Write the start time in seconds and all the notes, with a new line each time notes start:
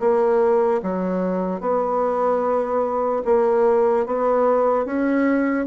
0.00 A#3
0.83 F#3
1.61 B3
3.25 A#3
4.07 B3
4.85 C#4